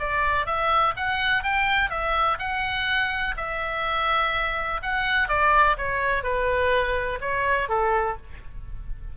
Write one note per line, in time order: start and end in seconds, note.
0.00 0.46 D5
0.46 0.94 E5
0.97 1.44 F#5
1.44 1.90 G5
1.90 2.38 E5
2.40 3.36 F#5
3.37 4.81 E5
4.83 5.29 F#5
5.29 5.77 D5
5.78 6.24 C#5
6.24 7.20 B4
7.21 7.69 C#5
7.69 8.17 A4